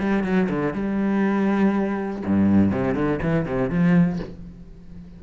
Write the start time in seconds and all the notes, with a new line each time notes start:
0.00 G3
0.24 F#3
0.50 D3
0.74 G3
2.27 G2
2.72 C3
2.95 D3
3.23 E3
3.46 C3
3.70 F3